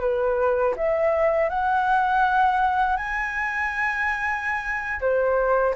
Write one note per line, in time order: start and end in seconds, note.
0.00 0.74 B4
0.76 1.49 E5
1.49 2.96 F#5
2.96 5.00 G#5
5.00 5.74 C5